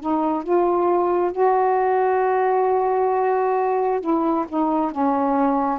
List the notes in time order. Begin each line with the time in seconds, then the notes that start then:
0.00 D#4
0.43 F4
1.32 F#4
4.01 E4
4.48 D#4
4.91 C#4